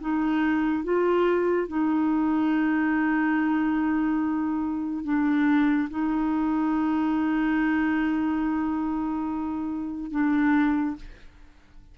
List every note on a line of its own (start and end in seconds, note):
0.00 0.83 D#4
0.83 1.67 F4
1.67 5.04 D#4
5.04 5.88 D4
5.90 10.11 D#4
10.11 10.96 D4